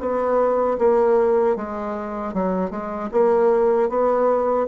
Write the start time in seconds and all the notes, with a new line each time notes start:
0.00 B3
0.78 A#3
1.56 G#3
2.34 F#3
2.71 G#3
3.12 A#3
3.89 B3